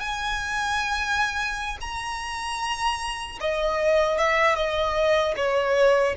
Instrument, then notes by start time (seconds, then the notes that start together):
violin
0.00 G#5
1.81 A#5
3.41 D#5
4.18 E5
4.55 D#5
5.36 C#5